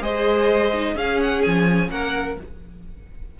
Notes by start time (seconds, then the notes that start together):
0.00 G#3 G#4 C5 D#5
0.73 D#4
0.95 C#4 G#4 F5
1.21 F#5
1.42 F3 G#5
1.89 A#3 A#4 F#5